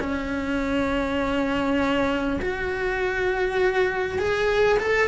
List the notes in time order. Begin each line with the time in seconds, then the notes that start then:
0.00 C#4
2.42 F#4
4.18 G#4
4.79 A4